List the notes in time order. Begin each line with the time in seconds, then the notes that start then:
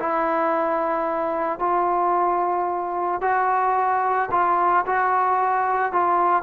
0.00 E4
1.60 F4
3.22 F#4
4.31 F4
4.87 F#4
5.93 F4